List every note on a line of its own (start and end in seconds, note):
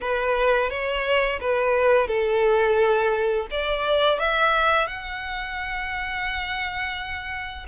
0.00 0.69 B4
0.69 1.39 C#5
1.40 2.07 B4
2.07 3.47 A4
3.51 4.19 D5
4.19 4.87 E5
4.87 7.66 F#5